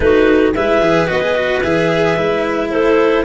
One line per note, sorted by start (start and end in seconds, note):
0.00 0.53 A3
0.00 0.54 D#4
0.00 0.55 F#4
0.00 0.52 B4
0.54 0.80 G#3
0.54 0.81 E4
0.54 2.69 B4
0.54 1.08 E5
0.80 1.07 E3
0.80 1.07 G#4
1.07 1.63 B3
1.07 1.21 F#4
1.07 1.62 D#5
1.21 1.35 G#4
1.35 1.62 F#4
1.62 2.17 E3
1.62 2.16 G#4
1.62 2.70 E5
2.16 2.71 G#3
2.16 3.24 E4
2.69 3.24 A3
2.69 3.23 A4
2.69 3.24 C5